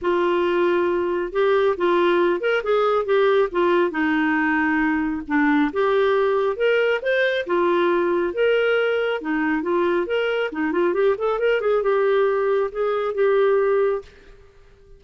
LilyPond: \new Staff \with { instrumentName = "clarinet" } { \time 4/4 \tempo 4 = 137 f'2. g'4 | f'4. ais'8 gis'4 g'4 | f'4 dis'2. | d'4 g'2 ais'4 |
c''4 f'2 ais'4~ | ais'4 dis'4 f'4 ais'4 | dis'8 f'8 g'8 a'8 ais'8 gis'8 g'4~ | g'4 gis'4 g'2 | }